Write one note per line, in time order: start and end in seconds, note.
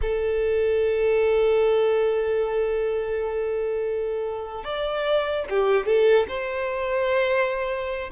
0.01 4.64 A4
4.64 5.45 D5
5.49 5.86 G4
5.86 6.26 A4
6.27 8.10 C5